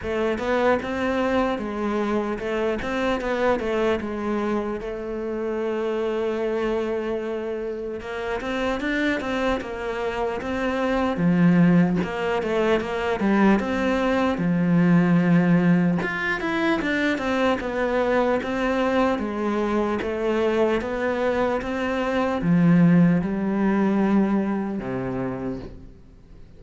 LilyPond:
\new Staff \with { instrumentName = "cello" } { \time 4/4 \tempo 4 = 75 a8 b8 c'4 gis4 a8 c'8 | b8 a8 gis4 a2~ | a2 ais8 c'8 d'8 c'8 | ais4 c'4 f4 ais8 a8 |
ais8 g8 c'4 f2 | f'8 e'8 d'8 c'8 b4 c'4 | gis4 a4 b4 c'4 | f4 g2 c4 | }